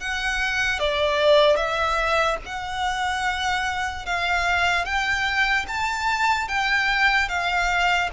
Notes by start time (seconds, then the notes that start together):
0.00 F#5
0.79 D5
1.56 E5
2.45 F#5
4.06 F5
4.85 G5
5.68 A5
6.48 G5
7.28 F5